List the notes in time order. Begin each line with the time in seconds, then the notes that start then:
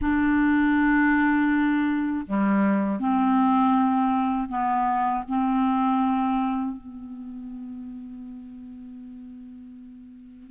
0.01 D4
2.26 G3
2.99 C4
4.49 B3
5.28 C4
6.76 B3